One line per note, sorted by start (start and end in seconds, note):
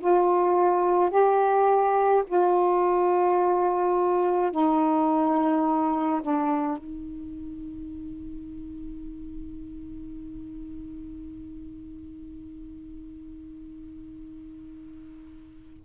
0.00 1.10 F4
1.10 2.23 G4
2.27 4.51 F4
4.51 6.21 D#4
6.22 6.78 D4
6.78 15.83 D#4